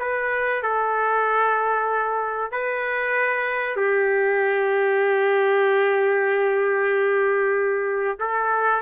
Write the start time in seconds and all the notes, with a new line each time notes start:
0.00 B4
0.63 A4
2.52 B4
3.76 G4
8.20 A4